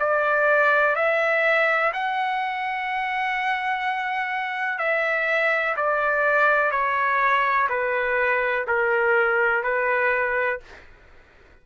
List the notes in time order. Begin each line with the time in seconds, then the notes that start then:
0.00 D5
0.96 E5
1.93 F#5
4.79 E5
5.77 D5
6.71 C#5
7.69 B4
8.67 A#4
9.63 B4